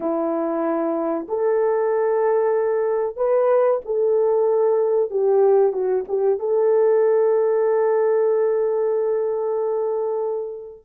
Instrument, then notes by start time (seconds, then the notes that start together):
horn
0.00 E4
1.28 A4
3.16 B4
3.85 A4
5.10 G4
5.72 F#4
6.08 G4
6.39 A4